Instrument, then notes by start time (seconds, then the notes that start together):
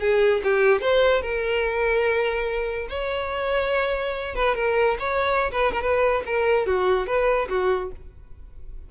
violin
0.00 G#4
0.44 G4
0.81 C5
1.21 A#4
2.89 C#5
4.35 B4
4.55 A#4
4.99 C#5
5.52 B4
5.73 A#4
5.82 B4
6.26 A#4
6.66 F#4
7.07 B4
7.49 F#4